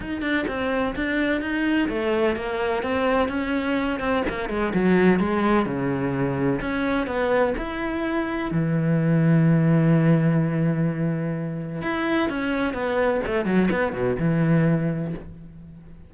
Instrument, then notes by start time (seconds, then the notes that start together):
cello
0.00 D#4
0.21 D4
0.47 C4
0.95 D4
1.41 D#4
1.88 A3
2.36 A#3
2.82 C4
3.28 C#4
3.99 C4
4.28 A#3
4.49 G#3
4.74 F#3
5.19 G#3
5.65 C#3
6.60 C#4
7.06 B3
7.57 E4
8.51 E3
11.82 E4
12.29 C#4
12.73 B3
13.26 A3
13.45 F#3
13.71 B3
13.92 B2
14.19 E3